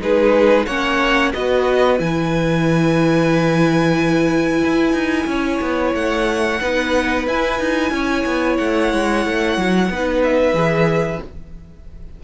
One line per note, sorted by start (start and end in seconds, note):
0.00 0.66 G#3
0.00 0.66 D#4
0.00 0.67 G#4
0.00 0.66 B4
0.66 1.34 A#3
0.66 1.33 C#4
0.66 1.33 C#5
0.66 1.32 F#5
1.33 2.00 B3
1.33 1.98 F#4
1.33 5.29 B4
1.33 1.99 D#5
1.98 4.64 E3
1.98 6.60 E4
1.98 5.95 G#5
4.65 4.93 E4
4.93 5.26 D#4
5.27 5.60 C#4
5.27 6.61 C#5
5.61 5.94 B3
5.95 6.61 A3
5.95 7.27 F#5
6.61 7.27 B3
6.61 7.28 D#4
6.61 7.93 B4
7.27 7.60 E4
7.27 9.92 E4
7.27 8.57 G#5
7.60 7.91 D#4
7.91 8.24 C#4
7.91 9.92 C#5
8.26 8.59 B3
8.57 8.93 A3
8.57 10.22 F#5
8.93 9.26 G#3
9.26 9.58 A3
9.58 9.90 F#3
9.90 10.53 B3
9.90 10.55 D#4
9.90 11.24 B4
10.24 11.23 E5
10.53 11.19 E3
10.53 11.21 G#4